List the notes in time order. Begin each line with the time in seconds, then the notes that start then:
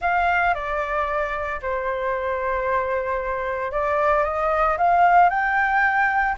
0.01 F5
0.54 D5
1.62 C5
3.71 D5
4.24 D#5
4.77 F5
5.29 G5